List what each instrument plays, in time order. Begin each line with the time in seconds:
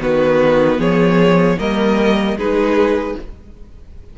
0.00 cello D#3, viola B3, violin F#4 B4
0.78 cello F3, violin G#4 C#5
1.58 cello G3, viola A#3, violin A#4 D#5
2.36 cello G#3, viola D#4, violin G#4 B4